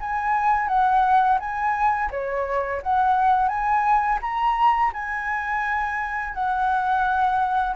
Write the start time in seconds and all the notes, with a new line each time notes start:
0.00 G#5
0.68 F#5
1.40 G#5
2.11 C#5
2.83 F#5
3.48 G#5
4.22 A#5
4.93 G#5
6.34 F#5